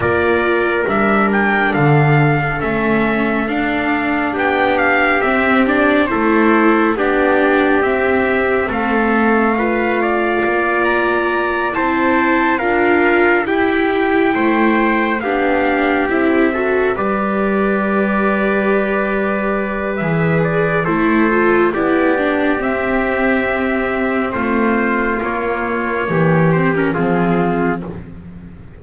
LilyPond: <<
  \new Staff \with { instrumentName = "trumpet" } { \time 4/4 \tempo 4 = 69 d''4 e''8 g''8 f''4 e''4 | f''4 g''8 f''8 e''8 d''8 c''4 | d''4 e''4 f''2~ | f''8 ais''4 a''4 f''4 g''8~ |
g''4. f''4 e''4 d''8~ | d''2. e''8 d''8 | c''4 d''4 e''2 | c''4 cis''4. c''16 ais'16 gis'4 | }
  \new Staff \with { instrumentName = "trumpet" } { \time 4/4 ais'2 a'2~ | a'4 g'2 a'4 | g'2 a'4 b'8 d''8~ | d''4. c''4 ais'4 g'8~ |
g'8 c''4 g'4. a'8 b'8~ | b'1 | a'4 g'2. | f'2 g'4 f'4 | }
  \new Staff \with { instrumentName = "viola" } { \time 4/4 f'4 d'2 cis'4 | d'2 c'8 d'8 e'4 | d'4 c'2 f'4~ | f'4. e'4 f'4 e'8~ |
e'4. d'4 e'8 fis'8 g'8~ | g'2. gis'4 | e'8 f'8 e'8 d'8 c'2~ | c'4 ais4. c'16 cis'16 c'4 | }
  \new Staff \with { instrumentName = "double bass" } { \time 4/4 ais4 g4 d4 a4 | d'4 b4 c'4 a4 | b4 c'4 a2 | ais4. c'4 d'4 e'8~ |
e'8 a4 b4 c'4 g8~ | g2. e4 | a4 b4 c'2 | a4 ais4 e4 f4 | }
>>